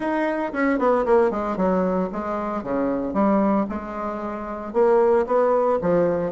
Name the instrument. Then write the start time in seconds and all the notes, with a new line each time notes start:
bassoon
0.00 D#4
0.53 C#4
0.78 B3
1.05 A#3
1.30 G#3
1.56 F#3
2.12 G#3
2.63 C#3
3.13 G3
3.69 G#3
4.73 A#3
5.26 B3
5.81 F3